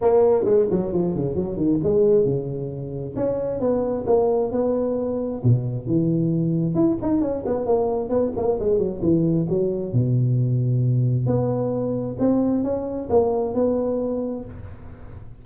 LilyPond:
\new Staff \with { instrumentName = "tuba" } { \time 4/4 \tempo 4 = 133 ais4 gis8 fis8 f8 cis8 fis8 dis8 | gis4 cis2 cis'4 | b4 ais4 b2 | b,4 e2 e'8 dis'8 |
cis'8 b8 ais4 b8 ais8 gis8 fis8 | e4 fis4 b,2~ | b,4 b2 c'4 | cis'4 ais4 b2 | }